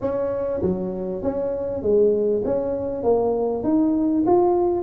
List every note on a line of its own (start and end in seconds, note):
0.01 0.61 C#4
0.62 1.22 F#3
1.22 1.82 C#4
1.82 2.42 G#3
2.45 3.03 C#4
3.03 3.63 A#3
3.63 4.24 D#4
4.26 4.83 F4